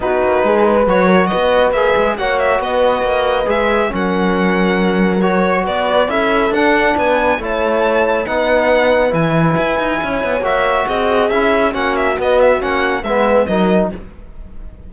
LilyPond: <<
  \new Staff \with { instrumentName = "violin" } { \time 4/4 \tempo 4 = 138 b'2 cis''4 dis''4 | e''4 fis''8 e''8 dis''2 | e''4 fis''2. | cis''4 d''4 e''4 fis''4 |
gis''4 a''2 fis''4~ | fis''4 gis''2. | e''4 dis''4 e''4 fis''8 e''8 | dis''8 e''8 fis''4 e''4 dis''4 | }
  \new Staff \with { instrumentName = "horn" } { \time 4/4 fis'4 gis'8 b'4 ais'8 b'4~ | b'4 cis''4 b'2~ | b'4 ais'2.~ | ais'4 b'4 a'2 |
b'4 cis''2 b'4~ | b'2. cis''4~ | cis''4 gis'2 fis'4~ | fis'2 b'4 ais'4 | }
  \new Staff \with { instrumentName = "trombone" } { \time 4/4 dis'2 fis'2 | gis'4 fis'2. | gis'4 cis'2. | fis'2 e'4 d'4~ |
d'4 e'2 dis'4~ | dis'4 e'2. | fis'2 e'4 cis'4 | b4 cis'4 b4 dis'4 | }
  \new Staff \with { instrumentName = "cello" } { \time 4/4 b8 ais8 gis4 fis4 b4 | ais8 gis8 ais4 b4 ais4 | gis4 fis2.~ | fis4 b4 cis'4 d'4 |
b4 a2 b4~ | b4 e4 e'8 dis'8 cis'8 b8 | ais4 c'4 cis'4 ais4 | b4 ais4 gis4 fis4 | }
>>